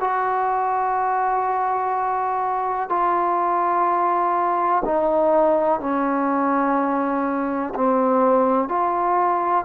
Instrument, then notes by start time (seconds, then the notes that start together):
trombone
0.00 F#4
2.89 F4
4.85 D#4
5.80 C#4
7.75 C4
8.68 F4